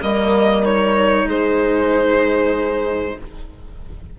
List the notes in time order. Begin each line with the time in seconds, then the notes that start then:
0.00 G3 A#3 A#4 D#5
0.63 D#4 C#5
1.25 G#3 G#4 C5